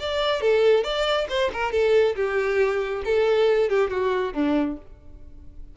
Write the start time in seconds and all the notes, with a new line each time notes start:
0.00 D5
0.41 A4
0.84 D5
1.29 C5
1.53 A#4
1.72 A4
2.16 G4
3.05 A4
3.69 G4
3.90 F#4
4.33 D4